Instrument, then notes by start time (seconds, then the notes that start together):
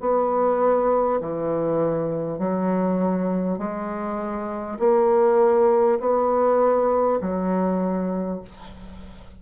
bassoon
0.00 B3
1.21 E3
2.39 F#3
3.58 G#3
4.79 A#3
5.99 B3
7.21 F#3